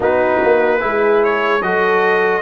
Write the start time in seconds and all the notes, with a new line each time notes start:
0.00 B3 D#4 F#4 B4
0.43 A#3
0.80 G#3 E4 G#4
1.23 C#5
1.61 F#3 F#4 A4 D#5